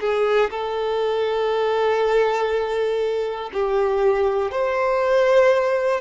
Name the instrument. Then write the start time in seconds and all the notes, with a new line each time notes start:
violin
0.00 G#4
0.50 A4
3.53 G4
4.51 C5